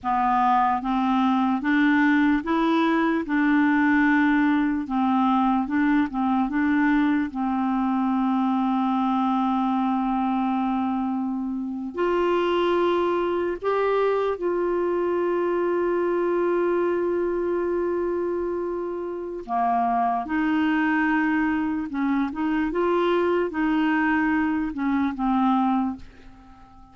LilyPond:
\new Staff \with { instrumentName = "clarinet" } { \time 4/4 \tempo 4 = 74 b4 c'4 d'4 e'4 | d'2 c'4 d'8 c'8 | d'4 c'2.~ | c'2~ c'8. f'4~ f'16~ |
f'8. g'4 f'2~ f'16~ | f'1 | ais4 dis'2 cis'8 dis'8 | f'4 dis'4. cis'8 c'4 | }